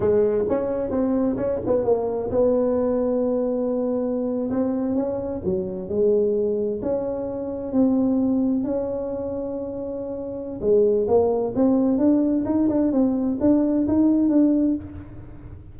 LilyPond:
\new Staff \with { instrumentName = "tuba" } { \time 4/4 \tempo 4 = 130 gis4 cis'4 c'4 cis'8 b8 | ais4 b2.~ | b4.~ b16 c'4 cis'4 fis16~ | fis8. gis2 cis'4~ cis'16~ |
cis'8. c'2 cis'4~ cis'16~ | cis'2. gis4 | ais4 c'4 d'4 dis'8 d'8 | c'4 d'4 dis'4 d'4 | }